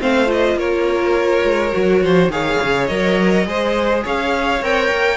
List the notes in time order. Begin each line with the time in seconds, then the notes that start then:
0.00 A3 C4 C5 F5
0.25 F4 D#5
0.55 A#3 A#4 C#5
1.44 G#3
1.72 F#3 F#4
2.03 F3 C5
2.28 D#3 G#4 C#5 F5
2.62 C#3
2.86 F#3 A#4 D#5
3.45 G#3 G#4 C5
4.04 C#4 C#5 F5
4.61 C4 A#4 G5
4.91 A#3